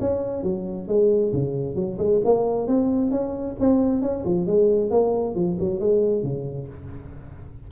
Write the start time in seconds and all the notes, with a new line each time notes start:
0.00 C#4
0.43 F#3
0.88 G#3
1.33 C#3
1.75 F#3
1.98 G#3
2.25 A#3
2.67 C4
3.11 C#4
3.60 C4
4.02 C#4
4.25 F3
4.47 G#3
4.91 A#3
5.35 F3
5.60 F#3
5.80 G#3
6.23 C#3